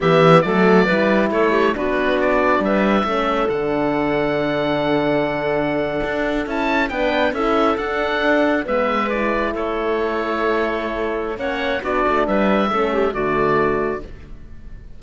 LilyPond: <<
  \new Staff \with { instrumentName = "oboe" } { \time 4/4 \tempo 4 = 137 e''4 d''2 cis''4 | b'4 d''4 e''2 | fis''1~ | fis''2~ fis''8. a''4 g''16~ |
g''8. e''4 fis''2 e''16~ | e''8. d''4 cis''2~ cis''16~ | cis''2 fis''4 d''4 | e''2 d''2 | }
  \new Staff \with { instrumentName = "clarinet" } { \time 4/4 g'4 a'4 b'4 a'8 g'8 | fis'2 b'4 a'4~ | a'1~ | a'2.~ a'8. b'16~ |
b'8. a'2. b'16~ | b'4.~ b'16 a'2~ a'16~ | a'2 cis''4 fis'4 | b'4 a'8 g'8 fis'2 | }
  \new Staff \with { instrumentName = "horn" } { \time 4/4 b4 a4 e'2 | d'2. cis'4 | d'1~ | d'2~ d'8. e'4 d'16~ |
d'8. e'4 d'2 b16~ | b8. e'2.~ e'16~ | e'2 cis'4 d'4~ | d'4 cis'4 a2 | }
  \new Staff \with { instrumentName = "cello" } { \time 4/4 e4 fis4 g4 a4 | b2 g4 a4 | d1~ | d4.~ d16 d'4 cis'4 b16~ |
b8. cis'4 d'2 gis16~ | gis4.~ gis16 a2~ a16~ | a2 ais4 b8 a8 | g4 a4 d2 | }
>>